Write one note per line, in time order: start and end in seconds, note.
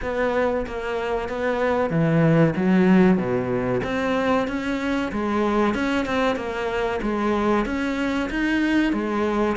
0.02 0.66 B3
0.66 1.28 A#3
1.28 1.90 B3
1.90 2.54 E3
2.56 3.17 F#3
3.17 3.81 B2
3.83 4.47 C4
4.47 5.11 C#4
5.12 5.74 G#3
5.74 6.05 C#4
6.05 6.36 C4
6.36 7.00 A#3
7.02 7.65 G#3
7.65 8.29 C#4
8.30 8.92 D#4
8.92 9.56 G#3